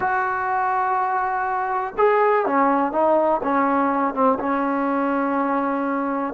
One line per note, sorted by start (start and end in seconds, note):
0.00 1.94 F#4
1.97 2.45 G#4
2.45 2.91 C#4
2.91 3.40 D#4
3.43 4.14 C#4
4.14 4.38 C4
4.39 6.34 C#4